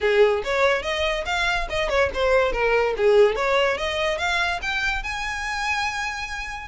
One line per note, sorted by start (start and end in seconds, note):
0.00 0.42 G#4
0.44 0.82 C#5
0.82 1.24 D#5
1.25 1.67 F5
1.69 1.89 D#5
1.89 2.10 C#5
2.14 2.52 C5
2.52 2.94 A#4
2.96 3.35 G#4
3.35 3.77 C#5
3.77 4.17 D#5
4.17 4.59 F5
4.62 5.03 G5
5.03 6.68 G#5